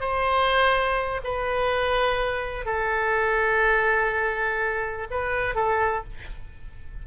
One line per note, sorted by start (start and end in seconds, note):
0.00 1.21 C5
1.24 2.65 B4
2.65 5.07 A4
5.10 5.55 B4
5.55 6.03 A4